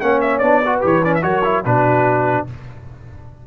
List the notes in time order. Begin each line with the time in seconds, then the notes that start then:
0.00 A#3 C#4 C#5 F#5
0.21 E5
0.38 B3 D4 D5
0.63 F#4 B4
0.81 E3 G4 C#5
1.04 C#4 D5
1.14 E5
1.22 F#3 F#4 A#4 C#5
1.44 E4
1.64 B2 D4 F#4 B4